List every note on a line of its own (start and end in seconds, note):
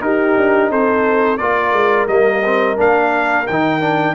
0.00 1.38 D#4
0.00 0.35 D#4
0.00 0.70 G4
0.00 0.70 A#4
0.36 0.70 D4
0.70 1.39 C4
0.70 1.39 A4
0.70 1.37 C5
1.37 1.72 A#3
1.37 2.08 F4
1.37 4.14 A#4
1.37 2.06 D5
1.72 2.07 G#3
2.08 2.77 G3
2.08 2.42 A#3
2.08 2.77 D#5
2.45 2.76 C4
2.76 3.47 A#3
2.76 3.45 D4
2.76 3.47 F5
3.47 4.14 D#3
3.47 3.80 D#4
3.47 4.14 G5
3.80 4.14 D4